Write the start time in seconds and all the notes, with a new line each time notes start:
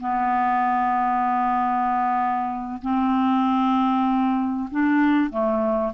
0.00 B3
2.82 C4
4.71 D4
5.30 A3